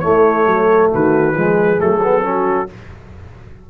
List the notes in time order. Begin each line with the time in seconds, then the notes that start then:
0.00 A3 E4 C#5
0.07 A3
0.47 F#3 A4
0.92 D#3 F#4 B4
1.35 F3 G#3 G#4
1.78 F#3 A3 A4
2.03 B3
2.23 C#4 F#4